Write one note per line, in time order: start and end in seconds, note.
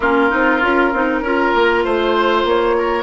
0.00 0.30 A#3
0.00 0.29 C#4
0.00 1.19 F4
0.00 1.83 A#4
0.29 0.62 C4
0.29 0.60 D#4
0.61 0.93 C#4
0.61 0.92 F4
0.93 1.21 C4
0.93 1.24 D#4
1.21 1.52 C#4
1.21 3.02 F4
1.21 1.84 A#4
1.54 1.84 A#3
1.84 2.44 A3
1.84 2.76 C5
1.84 2.46 C5
2.44 3.02 A#3
2.44 3.02 C#5
2.78 3.02 A#4